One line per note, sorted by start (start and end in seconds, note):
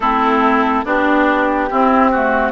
0.00 0.83 A3
0.00 0.85 C4
0.00 0.84 E4
0.00 0.85 A4
0.84 1.69 B3
0.84 1.69 D4
0.84 2.51 G4
1.70 2.13 C4
1.70 2.51 C4
1.70 2.11 E4
2.11 2.51 A3
2.11 2.51 F#4